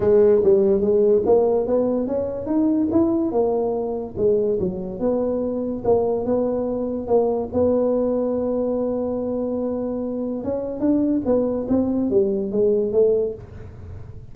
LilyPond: \new Staff \with { instrumentName = "tuba" } { \time 4/4 \tempo 4 = 144 gis4 g4 gis4 ais4 | b4 cis'4 dis'4 e'4 | ais2 gis4 fis4 | b2 ais4 b4~ |
b4 ais4 b2~ | b1~ | b4 cis'4 d'4 b4 | c'4 g4 gis4 a4 | }